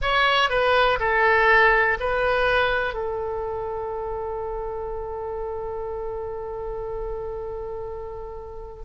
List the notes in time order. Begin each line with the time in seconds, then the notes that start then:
0.01 C#5
0.49 B4
0.99 A4
2.00 B4
2.94 A4